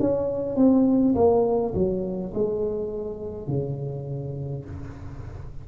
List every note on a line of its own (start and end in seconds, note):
0.00 0.56 C#4
0.56 1.15 C4
1.16 1.74 A#3
1.74 2.33 F#3
2.34 3.48 G#3
3.48 4.65 C#3